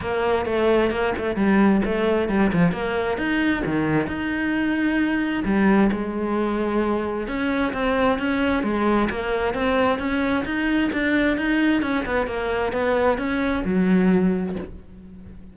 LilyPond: \new Staff \with { instrumentName = "cello" } { \time 4/4 \tempo 4 = 132 ais4 a4 ais8 a8 g4 | a4 g8 f8 ais4 dis'4 | dis4 dis'2. | g4 gis2. |
cis'4 c'4 cis'4 gis4 | ais4 c'4 cis'4 dis'4 | d'4 dis'4 cis'8 b8 ais4 | b4 cis'4 fis2 | }